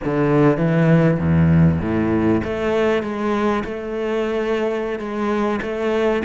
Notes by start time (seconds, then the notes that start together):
0.04 D3
0.57 E3
1.19 E2
1.81 A2
2.44 A3
3.02 G#3
3.64 A3
4.99 G#3
5.62 A3